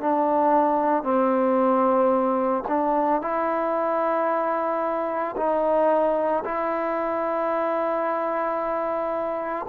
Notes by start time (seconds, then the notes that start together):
0.00 D4
1.03 C4
2.68 D4
3.21 E4
5.36 D#4
6.44 E4